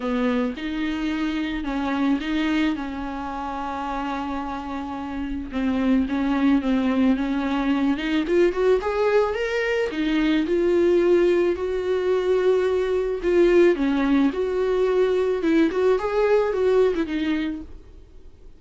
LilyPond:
\new Staff \with { instrumentName = "viola" } { \time 4/4 \tempo 4 = 109 b4 dis'2 cis'4 | dis'4 cis'2.~ | cis'2 c'4 cis'4 | c'4 cis'4. dis'8 f'8 fis'8 |
gis'4 ais'4 dis'4 f'4~ | f'4 fis'2. | f'4 cis'4 fis'2 | e'8 fis'8 gis'4 fis'8. e'16 dis'4 | }